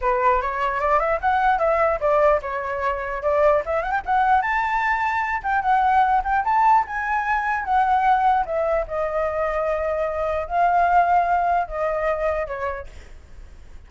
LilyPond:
\new Staff \with { instrumentName = "flute" } { \time 4/4 \tempo 4 = 149 b'4 cis''4 d''8 e''8 fis''4 | e''4 d''4 cis''2 | d''4 e''8 fis''16 g''16 fis''4 a''4~ | a''4. g''8 fis''4. g''8 |
a''4 gis''2 fis''4~ | fis''4 e''4 dis''2~ | dis''2 f''2~ | f''4 dis''2 cis''4 | }